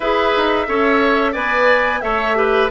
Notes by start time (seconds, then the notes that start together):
0.00 E4 G#4 B4 E5
0.36 D#4
0.67 C#4 A4 C#5
1.32 B3 B4 D5 G#5
2.01 A3 A4 C#5 E5
2.35 G4 B4